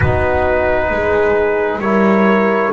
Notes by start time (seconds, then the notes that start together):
0.00 B3 D#4 F#4 B4
0.90 G#3 G#4
1.78 G3 E4 A#4 C#5